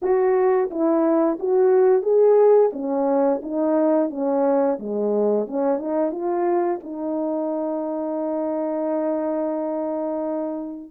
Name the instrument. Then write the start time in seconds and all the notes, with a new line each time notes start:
horn
0.02 F#4
0.70 E4
1.39 F#4
2.02 G#4
2.73 C#4
3.42 D#4
4.10 C#4
4.79 G#3
5.47 C#4
5.78 D#4
6.11 F4
6.83 D#4